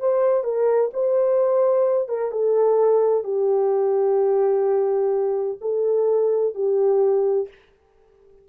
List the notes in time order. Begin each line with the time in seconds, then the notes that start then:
0.00 C5
0.44 A#4
0.93 C5
2.09 A#4
2.31 A4
3.24 G4
5.61 A4
6.55 G4